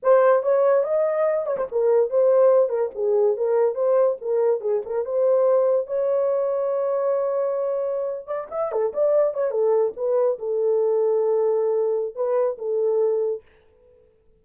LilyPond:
\new Staff \with { instrumentName = "horn" } { \time 4/4 \tempo 4 = 143 c''4 cis''4 dis''4. cis''16 c''16 | ais'4 c''4. ais'8 gis'4 | ais'4 c''4 ais'4 gis'8 ais'8 | c''2 cis''2~ |
cis''2.~ cis''8. d''16~ | d''16 e''8 a'8 d''4 cis''8 a'4 b'16~ | b'8. a'2.~ a'16~ | a'4 b'4 a'2 | }